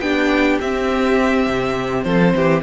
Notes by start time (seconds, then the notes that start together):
0.00 B3 D4 G4 G5
0.61 C4 E5
1.46 C3
2.03 F3 A4 C5
2.34 E3 G4